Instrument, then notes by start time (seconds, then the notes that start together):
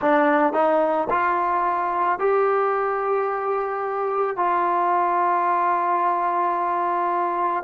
trombone
0.00 D4
0.53 D#4
1.10 F4
2.19 G4
4.36 F4